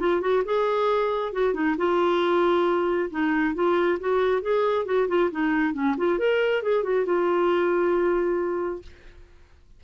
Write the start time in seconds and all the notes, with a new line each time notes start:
0.00 F4
0.21 F#4
0.45 G#4
1.33 F#4
1.54 D#4
1.77 F4
3.11 D#4
3.55 F4
4.00 F#4
4.42 G#4
4.86 F#4
5.08 F4
5.31 D#4
5.74 C#4
5.98 F4
6.19 A#4
6.63 G#4
6.83 F#4
7.06 F4